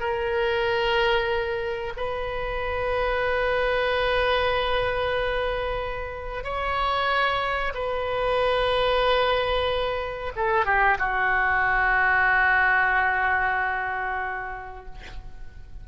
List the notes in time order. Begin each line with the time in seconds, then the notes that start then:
0.00 A#4
1.97 B4
6.44 C#5
7.75 B4
10.36 A4
10.65 G4
10.99 F#4